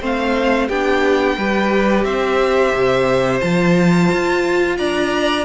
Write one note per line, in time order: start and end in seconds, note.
0.00 0.69 A3
0.00 0.68 C4
0.00 0.67 C5
0.00 0.68 F5
0.67 1.37 B3
0.67 1.39 D4
0.67 1.36 G4
0.67 2.04 G5
1.37 2.04 G3
1.37 3.40 G4
1.37 2.05 B4
2.04 2.72 C4
2.04 4.77 C5
2.04 3.40 E5
2.73 3.41 C3
3.40 4.11 F3
3.40 5.45 F4
3.40 4.76 A5
4.11 4.79 F4
4.77 5.45 D4
4.77 5.45 D5
4.77 5.45 A#5